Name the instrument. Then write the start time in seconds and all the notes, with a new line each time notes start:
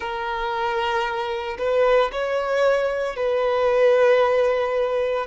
violin
0.00 A#4
1.58 B4
2.11 C#5
3.16 B4